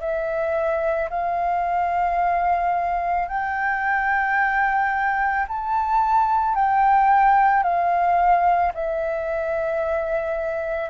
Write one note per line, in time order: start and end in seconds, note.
0.00 1.09 E5
1.10 3.28 F5
3.28 5.46 G5
5.48 6.55 A5
6.55 7.63 G5
7.63 8.72 F5
8.74 10.89 E5